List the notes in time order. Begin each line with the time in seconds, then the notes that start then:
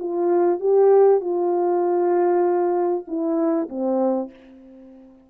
0.00 F4
0.60 G4
1.21 F4
3.08 E4
3.69 C4